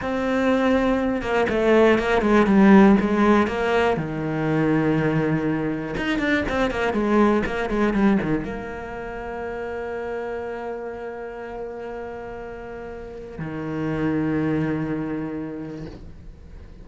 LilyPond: \new Staff \with { instrumentName = "cello" } { \time 4/4 \tempo 4 = 121 c'2~ c'8 ais8 a4 | ais8 gis8 g4 gis4 ais4 | dis1 | dis'8 d'8 c'8 ais8 gis4 ais8 gis8 |
g8 dis8 ais2.~ | ais1~ | ais2. dis4~ | dis1 | }